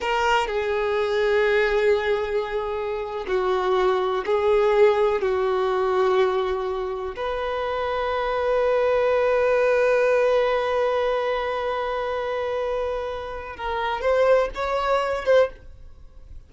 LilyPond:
\new Staff \with { instrumentName = "violin" } { \time 4/4 \tempo 4 = 124 ais'4 gis'2.~ | gis'2~ gis'8. fis'4~ fis'16~ | fis'8. gis'2 fis'4~ fis'16~ | fis'2~ fis'8. b'4~ b'16~ |
b'1~ | b'1~ | b'1 | ais'4 c''4 cis''4. c''8 | }